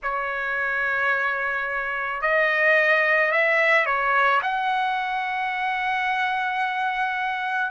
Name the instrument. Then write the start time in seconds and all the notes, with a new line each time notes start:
trumpet
0.03 C#5
2.21 D#5
3.31 E5
3.85 C#5
4.42 F#5